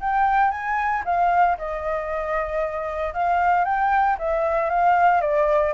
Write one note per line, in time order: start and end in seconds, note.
0.00 0.51 G5
0.51 1.03 G#5
1.05 1.57 F5
1.58 3.14 D#5
3.14 3.65 F5
3.65 4.17 G5
4.19 4.70 E5
4.70 5.21 F5
5.21 5.73 D5